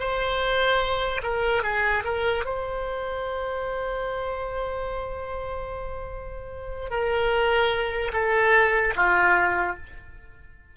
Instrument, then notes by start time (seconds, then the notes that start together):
oboe
0.00 C5
1.23 A#4
1.63 G#4
2.05 A#4
2.45 C5
6.90 A#4
8.13 A4
8.96 F4